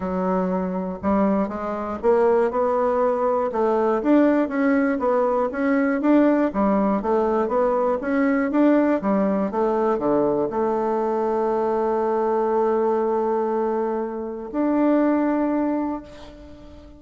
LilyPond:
\new Staff \with { instrumentName = "bassoon" } { \time 4/4 \tempo 4 = 120 fis2 g4 gis4 | ais4 b2 a4 | d'4 cis'4 b4 cis'4 | d'4 g4 a4 b4 |
cis'4 d'4 g4 a4 | d4 a2.~ | a1~ | a4 d'2. | }